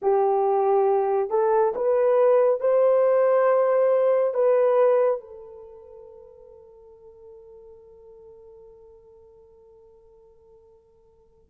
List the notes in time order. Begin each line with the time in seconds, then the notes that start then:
0.02 G4
1.30 A4
1.75 B4
2.60 C5
4.34 B4
5.20 A4